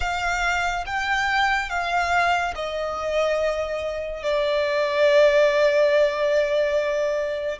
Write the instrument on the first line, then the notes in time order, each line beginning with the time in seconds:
violin
0.00 F5
0.86 G5
1.69 F5
2.55 D#5
4.23 D5